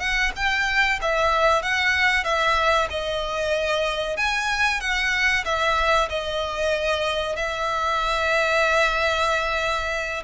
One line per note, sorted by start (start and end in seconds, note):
0.00 0.32 F#5
0.36 1.00 G5
1.02 1.63 E5
1.63 2.24 F#5
2.24 2.88 E5
2.90 4.17 D#5
4.17 4.81 G#5
4.81 5.45 F#5
5.45 6.09 E5
6.10 7.36 D#5
7.36 10.24 E5